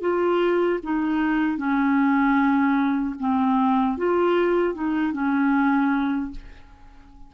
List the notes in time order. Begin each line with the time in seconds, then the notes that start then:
0.00 F4
0.83 D#4
1.57 C#4
3.19 C4
3.97 F4
4.74 D#4
5.12 C#4